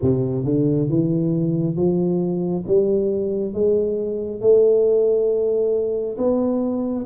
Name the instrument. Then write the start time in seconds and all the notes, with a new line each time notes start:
tuba
0.01 C3
0.45 D3
0.89 E3
1.76 F3
2.67 G3
3.53 G#3
4.40 A3
6.17 B3